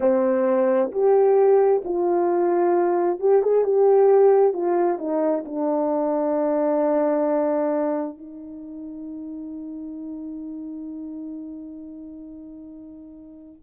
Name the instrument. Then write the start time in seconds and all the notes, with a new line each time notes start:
horn
0.00 C4
0.91 G4
1.84 F4
3.19 G4
3.42 G#4
3.64 G4
4.52 F4
4.98 D#4
5.45 D4
8.17 D#4